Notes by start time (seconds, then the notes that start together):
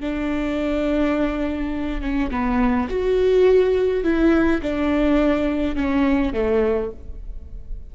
0.00 D4
2.01 C#4
2.30 B3
2.89 F#4
4.03 E4
4.62 D4
5.76 C#4
6.33 A3